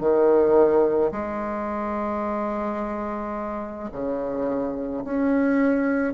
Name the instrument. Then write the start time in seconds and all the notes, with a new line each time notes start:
bassoon
0.00 D#3
1.12 G#3
3.92 C#3
5.04 C#4